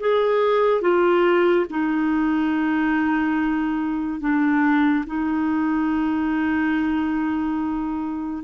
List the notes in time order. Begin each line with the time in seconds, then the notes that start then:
0.00 G#4
0.81 F4
1.70 D#4
4.21 D4
5.07 D#4